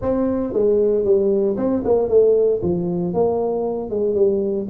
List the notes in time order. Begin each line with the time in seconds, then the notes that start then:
0.01 C4
0.53 G#3
1.04 G3
1.56 C4
1.84 A#3
2.08 A3
2.62 F3
3.13 A#3
3.90 G#3
4.15 G3